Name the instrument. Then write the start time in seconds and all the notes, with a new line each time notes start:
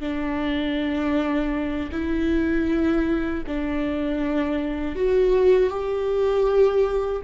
viola
0.00 D4
1.92 E4
3.47 D4
4.95 F#4
5.70 G4